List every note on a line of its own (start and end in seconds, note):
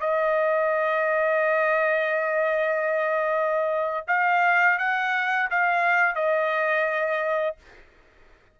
0.00 4.06 D#5
4.07 4.78 F5
4.78 5.49 F#5
5.50 6.15 F5
6.15 7.56 D#5